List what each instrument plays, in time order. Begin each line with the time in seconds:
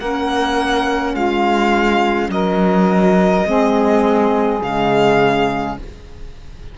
0.00 cello A#3, saxophone C#4 A#4, violin F#5
1.14 cello G#3, saxophone F4, violin F5
2.29 cello F#3, saxophone A#4, violin D#5
3.45 cello G#3, saxophone C4 G#4
4.62 cello C#3, saxophone G#3, violin F5